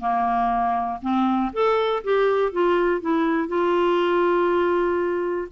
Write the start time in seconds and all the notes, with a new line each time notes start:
0.00 A#3
1.02 C4
1.53 A4
2.04 G4
2.52 F4
3.01 E4
3.48 F4